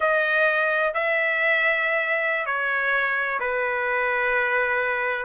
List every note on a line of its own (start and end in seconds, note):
0.00 0.94 D#5
0.94 2.45 E5
2.45 3.39 C#5
3.40 5.25 B4